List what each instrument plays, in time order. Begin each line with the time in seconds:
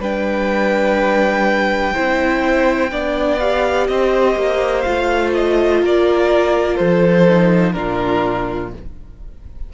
0.00 cello G3, viola D4, violin B4 G5
1.94 cello C4, viola E4, violin C5
2.92 cello B3, viola D4, violin D5
3.39 viola G4, violin F5
3.88 cello C4, violin C5 D#5
4.35 cello A#3
4.81 cello A3, viola F4, violin F5
5.34 violin D#5
5.81 cello A#3, violin A#4 D5
6.75 cello F3, violin A4 C5
7.29 viola D#4
7.73 cello A#2, viola D4, violin F4 A#4